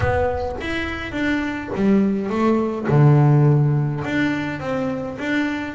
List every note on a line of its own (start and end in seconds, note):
0.00 0.56 B3
0.60 1.11 E4
1.11 1.69 D4
1.75 2.29 G3
2.29 2.87 A3
2.88 4.03 D3
4.04 4.60 D4
4.60 5.17 C4
5.19 5.74 D4